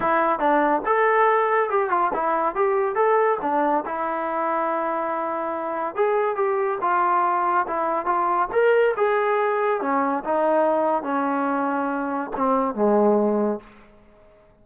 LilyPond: \new Staff \with { instrumentName = "trombone" } { \time 4/4 \tempo 4 = 141 e'4 d'4 a'2 | g'8 f'8 e'4 g'4 a'4 | d'4 e'2.~ | e'2 gis'4 g'4 |
f'2 e'4 f'4 | ais'4 gis'2 cis'4 | dis'2 cis'2~ | cis'4 c'4 gis2 | }